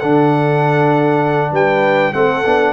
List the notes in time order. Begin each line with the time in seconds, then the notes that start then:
0.00 D3 D4 A4 F#5
1.52 G3 B4 G5
2.14 A3 C4 A4 F#5
2.46 B3 D4